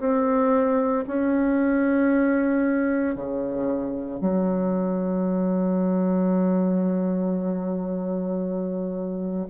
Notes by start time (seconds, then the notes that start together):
0.00 C4
1.08 C#4
3.15 C#3
4.21 F#3